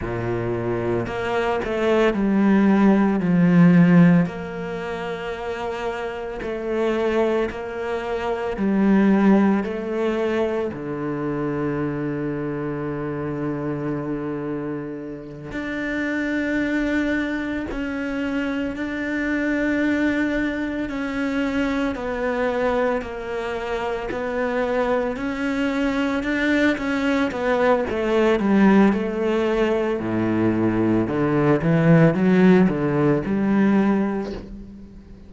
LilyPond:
\new Staff \with { instrumentName = "cello" } { \time 4/4 \tempo 4 = 56 ais,4 ais8 a8 g4 f4 | ais2 a4 ais4 | g4 a4 d2~ | d2~ d8 d'4.~ |
d'8 cis'4 d'2 cis'8~ | cis'8 b4 ais4 b4 cis'8~ | cis'8 d'8 cis'8 b8 a8 g8 a4 | a,4 d8 e8 fis8 d8 g4 | }